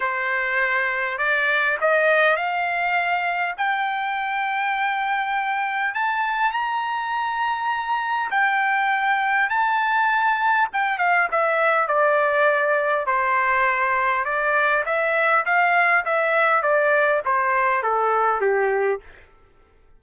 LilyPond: \new Staff \with { instrumentName = "trumpet" } { \time 4/4 \tempo 4 = 101 c''2 d''4 dis''4 | f''2 g''2~ | g''2 a''4 ais''4~ | ais''2 g''2 |
a''2 g''8 f''8 e''4 | d''2 c''2 | d''4 e''4 f''4 e''4 | d''4 c''4 a'4 g'4 | }